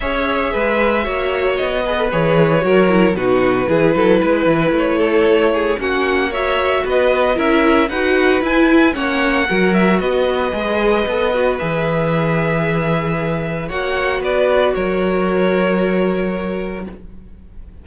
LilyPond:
<<
  \new Staff \with { instrumentName = "violin" } { \time 4/4 \tempo 4 = 114 e''2. dis''4 | cis''2 b'2~ | b'4 cis''2 fis''4 | e''4 dis''4 e''4 fis''4 |
gis''4 fis''4. e''8 dis''4~ | dis''2 e''2~ | e''2 fis''4 d''4 | cis''1 | }
  \new Staff \with { instrumentName = "violin" } { \time 4/4 cis''4 b'4 cis''4. b'8~ | b'4 ais'4 fis'4 gis'8 a'8 | b'4. a'4 gis'8 fis'4 | cis''4 b'4 ais'4 b'4~ |
b'4 cis''4 ais'4 b'4~ | b'1~ | b'2 cis''4 b'4 | ais'1 | }
  \new Staff \with { instrumentName = "viola" } { \time 4/4 gis'2 fis'4. gis'16 a'16 | gis'4 fis'8 e'8 dis'4 e'4~ | e'2. cis'4 | fis'2 e'4 fis'4 |
e'4 cis'4 fis'2 | gis'4 a'8 fis'8 gis'2~ | gis'2 fis'2~ | fis'1 | }
  \new Staff \with { instrumentName = "cello" } { \time 4/4 cis'4 gis4 ais4 b4 | e4 fis4 b,4 e8 fis8 | gis8 e8 a2 ais4~ | ais4 b4 cis'4 dis'4 |
e'4 ais4 fis4 b4 | gis4 b4 e2~ | e2 ais4 b4 | fis1 | }
>>